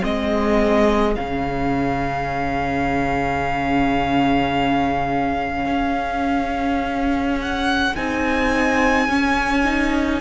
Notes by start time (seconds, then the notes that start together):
0.00 G#3 C4 G#4 D#5
1.15 C#3 C#4 F5
5.66 C#4
7.41 F#5
7.95 C4 D#4 G#5
9.08 C#4
9.64 D#4